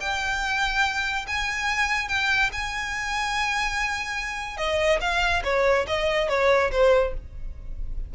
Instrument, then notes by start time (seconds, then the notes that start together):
violin
0.00 G5
1.27 G#5
2.08 G5
2.52 G#5
4.57 D#5
5.01 F5
5.44 C#5
5.87 D#5
6.29 C#5
6.72 C5